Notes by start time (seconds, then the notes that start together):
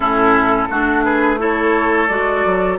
0.00 A2 C#4 E4 A4
0.70 A3 D4 F#4
1.03 G#4 B4
1.38 E4 A4 C#5
2.07 G#3 F#4 D5
2.45 F#3